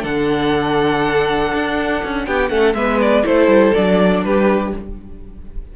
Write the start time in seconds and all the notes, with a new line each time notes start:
0.00 D3 D4 A4 F#5
1.54 D4
2.04 C#4
2.26 B3 G4 G5
2.48 A3 C#4 A4 F#5
2.74 G#3 B3 B4 E5
3.01 D5
3.24 A3 E4 A4 C5
3.48 G3
3.74 F#3 D4 D5
4.23 G3 G4 B4